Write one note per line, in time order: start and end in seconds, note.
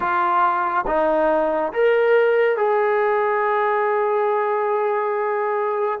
0.00 0.85 F4
0.86 1.72 D#4
1.73 2.56 A#4
2.56 5.99 G#4